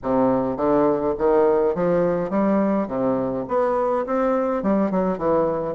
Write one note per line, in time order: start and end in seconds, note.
0.02 0.56 C3
0.56 1.14 D3
1.18 1.74 D#3
1.74 2.30 F3
2.30 2.87 G3
2.87 3.45 C3
3.47 4.05 B3
4.05 4.62 C4
4.62 4.90 G3
4.90 5.17 F#3
5.17 5.75 E3